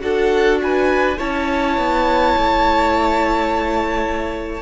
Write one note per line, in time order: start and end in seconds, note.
0.00 1.18 D4
0.00 1.16 F#4
0.00 0.61 A4
0.00 0.58 F#5
0.62 1.18 B4
0.62 1.19 G#5
1.18 1.77 C#4
1.18 4.62 E4
1.18 4.62 C#5
1.18 4.62 A5
1.77 2.35 B3
2.37 4.62 A3